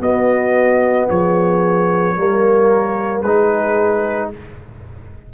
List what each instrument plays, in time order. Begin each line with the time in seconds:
0.00 tuba B3, trombone B3, horn F#4, trumpet D#5
1.09 tuba F3, horn G#4, trumpet C#5
2.16 tuba G3, trombone A#3, horn A#4
3.22 tuba G#3, trombone D#4, horn G#4, trumpet B4